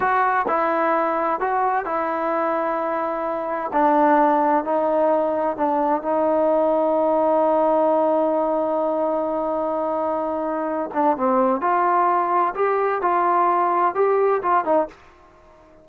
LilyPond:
\new Staff \with { instrumentName = "trombone" } { \time 4/4 \tempo 4 = 129 fis'4 e'2 fis'4 | e'1 | d'2 dis'2 | d'4 dis'2.~ |
dis'1~ | dis'2.~ dis'8 d'8 | c'4 f'2 g'4 | f'2 g'4 f'8 dis'8 | }